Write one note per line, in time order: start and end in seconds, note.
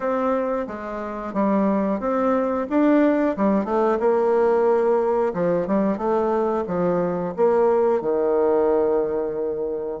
0.00 0.66 C4
0.67 1.33 G#3
1.33 2.00 G3
2.00 2.66 C4
2.69 3.36 D4
3.36 3.65 G3
3.65 3.98 A3
3.99 5.33 A#3
5.33 5.67 F3
5.67 5.97 G3
5.97 6.64 A3
6.67 7.33 F3
7.36 8.01 A#3
8.01 10.00 D#3